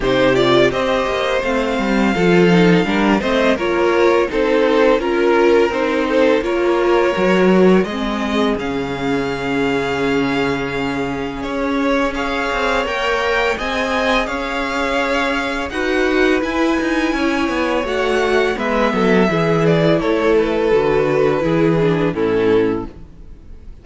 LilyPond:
<<
  \new Staff \with { instrumentName = "violin" } { \time 4/4 \tempo 4 = 84 c''8 d''8 dis''4 f''2~ | f''8 dis''8 cis''4 c''4 ais'4 | c''4 cis''2 dis''4 | f''1 |
cis''4 f''4 g''4 gis''4 | f''2 fis''4 gis''4~ | gis''4 fis''4 e''4. d''8 | cis''8 b'2~ b'8 a'4 | }
  \new Staff \with { instrumentName = "violin" } { \time 4/4 g'4 c''2 a'4 | ais'8 c''8 ais'4 a'4 ais'4~ | ais'8 a'8 ais'2 gis'4~ | gis'1~ |
gis'4 cis''2 dis''4 | cis''2 b'2 | cis''2 b'8 a'8 gis'4 | a'2 gis'4 e'4 | }
  \new Staff \with { instrumentName = "viola" } { \time 4/4 dis'8 f'8 g'4 c'4 f'8 dis'8 | d'8 c'8 f'4 dis'4 f'4 | dis'4 f'4 fis'4 c'4 | cis'1~ |
cis'4 gis'4 ais'4 gis'4~ | gis'2 fis'4 e'4~ | e'4 fis'4 b4 e'4~ | e'4 fis'4 e'8 d'8 cis'4 | }
  \new Staff \with { instrumentName = "cello" } { \time 4/4 c4 c'8 ais8 a8 g8 f4 | g8 a8 ais4 c'4 cis'4 | c'4 ais4 fis4 gis4 | cis1 |
cis'4. c'8 ais4 c'4 | cis'2 dis'4 e'8 dis'8 | cis'8 b8 a4 gis8 fis8 e4 | a4 d4 e4 a,4 | }
>>